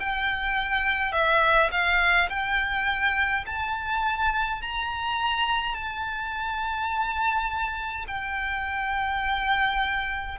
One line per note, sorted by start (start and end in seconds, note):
0.00 1.13 G5
1.13 1.70 E5
1.72 2.29 F5
2.30 3.45 G5
3.47 4.62 A5
4.62 5.75 A#5
5.75 8.06 A5
8.08 10.38 G5